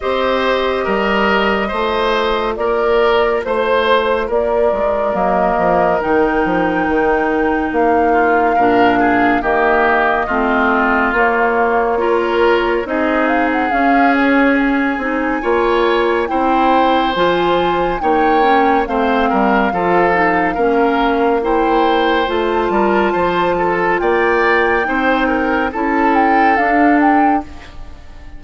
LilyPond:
<<
  \new Staff \with { instrumentName = "flute" } { \time 4/4 \tempo 4 = 70 dis''2. d''4 | c''4 d''4 dis''4 g''4~ | g''4 f''2 dis''4~ | dis''4 cis''2 dis''8 f''16 fis''16 |
f''8 cis''8 gis''2 g''4 | gis''4 g''4 f''2~ | f''4 g''4 a''2 | g''2 a''8 g''8 f''8 g''8 | }
  \new Staff \with { instrumentName = "oboe" } { \time 4/4 c''4 ais'4 c''4 ais'4 | c''4 ais'2.~ | ais'4. f'8 ais'8 gis'8 g'4 | f'2 ais'4 gis'4~ |
gis'2 cis''4 c''4~ | c''4 cis''4 c''8 ais'8 a'4 | ais'4 c''4. ais'8 c''8 a'8 | d''4 c''8 ais'8 a'2 | }
  \new Staff \with { instrumentName = "clarinet" } { \time 4/4 g'2 f'2~ | f'2 ais4 dis'4~ | dis'2 d'4 ais4 | c'4 ais4 f'4 dis'4 |
cis'4. dis'8 f'4 e'4 | f'4 dis'8 cis'8 c'4 f'8 dis'8 | cis'4 e'4 f'2~ | f'4 dis'4 e'4 d'4 | }
  \new Staff \with { instrumentName = "bassoon" } { \time 4/4 c'4 g4 a4 ais4 | a4 ais8 gis8 fis8 f8 dis8 f8 | dis4 ais4 ais,4 dis4 | a4 ais2 c'4 |
cis'4. c'8 ais4 c'4 | f4 ais4 a8 g8 f4 | ais2 a8 g8 f4 | ais4 c'4 cis'4 d'4 | }
>>